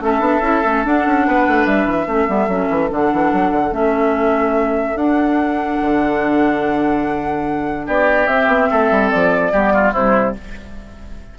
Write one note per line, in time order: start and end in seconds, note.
0.00 0.19 A3
0.00 0.20 C#4
0.00 1.27 A4
0.00 0.84 E5
0.19 0.40 B3
0.19 0.40 D4
0.40 0.61 C#4
0.40 0.62 E4
0.64 0.85 A3
0.64 0.84 C#4
0.84 2.07 D4
0.84 1.06 D4
0.84 1.65 F#5
1.06 1.27 C#4
1.27 1.47 B3
1.27 2.07 B4
1.47 1.65 A3
1.65 1.86 G3
1.65 2.89 E5
1.86 2.06 E3
2.07 2.27 A3
2.07 2.27 C#4
2.07 7.86 A4
2.27 2.47 G3
2.27 2.48 B3
2.47 2.68 F#3
2.47 2.89 C#4
2.69 2.90 E3
2.89 3.12 D3
2.89 3.71 D4
2.89 3.74 F#5
3.12 3.32 E3
3.32 3.51 F#3
3.51 3.71 D3
3.71 4.94 A3
3.71 4.95 C#4
3.71 4.96 E5
4.94 5.77 D4
4.94 8.28 D4
4.94 7.86 F#5
5.81 7.87 D3
7.86 8.27 B3
7.86 8.69 G4
7.86 8.27 D5
8.27 8.47 C4
8.27 9.52 C4
8.27 9.09 E5
8.47 8.67 B3
8.70 8.90 A3
8.70 9.52 A4
8.90 9.11 G3
9.10 9.52 F3
9.10 9.93 D5
9.52 9.94 G3
9.52 9.94 B3
9.52 9.72 G4
9.74 9.92 F4
9.92 10.35 C3
9.92 10.38 G3
9.92 10.34 E4
9.92 10.35 C5